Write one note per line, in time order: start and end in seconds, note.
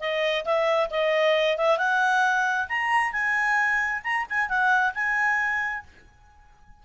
0.00 0.45 D#5
0.45 0.90 E5
0.90 1.58 D#5
1.58 1.78 E5
1.78 2.67 F#5
2.68 3.12 A#5
3.12 4.02 G#5
4.04 4.26 A#5
4.29 4.49 G#5
4.49 4.93 F#5
4.94 5.84 G#5